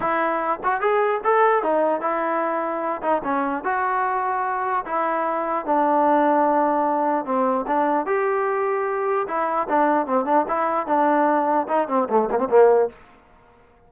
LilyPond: \new Staff \with { instrumentName = "trombone" } { \time 4/4 \tempo 4 = 149 e'4. fis'8 gis'4 a'4 | dis'4 e'2~ e'8 dis'8 | cis'4 fis'2. | e'2 d'2~ |
d'2 c'4 d'4 | g'2. e'4 | d'4 c'8 d'8 e'4 d'4~ | d'4 dis'8 c'8 a8 ais16 c'16 ais4 | }